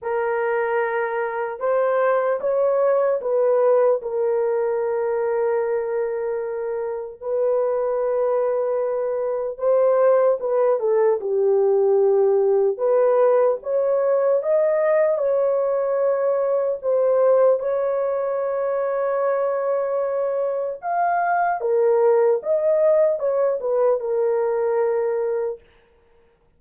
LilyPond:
\new Staff \with { instrumentName = "horn" } { \time 4/4 \tempo 4 = 75 ais'2 c''4 cis''4 | b'4 ais'2.~ | ais'4 b'2. | c''4 b'8 a'8 g'2 |
b'4 cis''4 dis''4 cis''4~ | cis''4 c''4 cis''2~ | cis''2 f''4 ais'4 | dis''4 cis''8 b'8 ais'2 | }